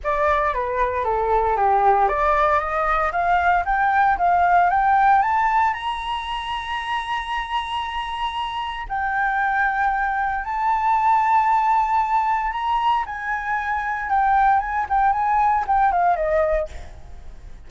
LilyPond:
\new Staff \with { instrumentName = "flute" } { \time 4/4 \tempo 4 = 115 d''4 b'4 a'4 g'4 | d''4 dis''4 f''4 g''4 | f''4 g''4 a''4 ais''4~ | ais''1~ |
ais''4 g''2. | a''1 | ais''4 gis''2 g''4 | gis''8 g''8 gis''4 g''8 f''8 dis''4 | }